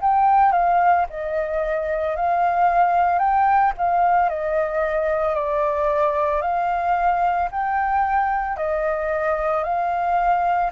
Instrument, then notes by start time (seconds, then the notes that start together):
flute
0.00 G5
0.52 F5
1.10 D#5
2.16 F5
3.19 G5
3.77 F5
4.29 D#5
5.35 D5
6.41 F5
7.50 G5
8.56 D#5
9.63 F5